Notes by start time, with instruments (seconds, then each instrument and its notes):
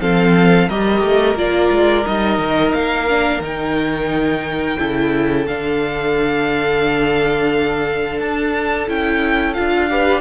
0.00 cello F3, viola C4, violin A4 F5
0.68 cello G3, viola G4, violin A#4 D#5
1.01 cello A3
1.35 cello A#3, viola F4, violin D5
1.71 cello G#3
2.05 cello G3, viola D#4, violin D#5
2.38 cello D#3
2.73 cello A#3, violin F5
3.09 viola D4
3.40 cello D#3, viola D#4, violin G5
4.78 cello C#3, viola E4, violin A4
5.47 cello D3, viola D4, violin F5
8.19 cello D4, violin A5
8.87 cello C#4, viola E4, violin G5
9.53 cello D4, viola F4, violin F5
9.89 viola G4, violin B4